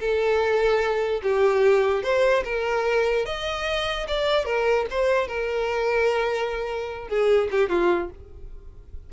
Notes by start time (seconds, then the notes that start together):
0.00 A4
1.23 G4
2.03 C5
2.45 A#4
3.26 D#5
4.08 D5
4.45 A#4
4.90 C5
5.28 A#4
7.08 G#4
7.51 G4
7.69 F4